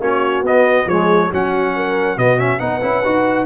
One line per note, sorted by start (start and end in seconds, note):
0.00 0.42 A#3
0.00 0.44 C#4
0.00 0.87 F#4
0.00 0.45 C#5
0.42 0.86 B3
0.42 0.90 B3
0.42 0.89 D#5
0.86 1.29 F3
0.86 1.32 G#3
0.86 1.29 G#4
0.86 1.32 C#5
1.29 2.17 F#3
1.29 2.17 C#4
1.29 1.72 F#4
1.29 2.18 F#5
1.75 2.17 A#4
2.17 2.60 B2
2.17 2.38 B3
2.17 2.60 F#4
2.17 2.39 D#5
2.38 2.59 C#4
2.38 2.59 E5
2.59 2.82 B3
2.59 2.81 D#4
2.59 3.46 B4
2.59 3.46 F#5
2.81 3.04 C#4
2.81 3.03 E4
3.04 3.46 D#4
3.04 3.46 F#4